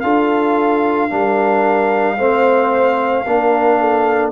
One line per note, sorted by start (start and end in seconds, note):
0.00 1.10 D4
0.00 1.10 F4
0.00 1.10 A4
0.00 4.29 F5
1.10 2.18 G3
1.10 2.17 D4
1.10 2.17 A#4
2.17 3.25 A3
2.17 3.25 C4
2.17 3.24 C5
3.26 4.31 A#3
3.26 4.31 D4
3.26 3.80 A#4
3.80 4.31 A4